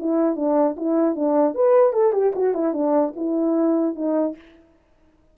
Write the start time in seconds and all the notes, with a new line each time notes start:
0.00 E4
0.36 D4
0.77 E4
1.16 D4
1.55 B4
1.93 A4
2.13 G4
2.36 F#4
2.55 E4
2.74 D4
3.16 E4
3.96 D#4